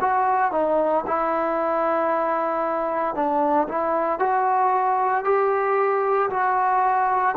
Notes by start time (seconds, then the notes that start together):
0.00 F#4
0.52 D#4
1.07 E4
3.15 D4
3.68 E4
4.19 F#4
5.24 G4
6.30 F#4